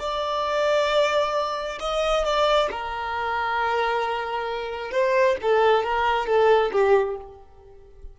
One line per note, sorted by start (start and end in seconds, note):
0.00 1.79 D5
1.80 2.25 D#5
2.25 2.70 D5
2.72 4.92 A#4
4.92 5.36 C5
5.42 5.84 A4
5.84 6.27 A#4
6.27 6.72 A4
6.72 7.17 G4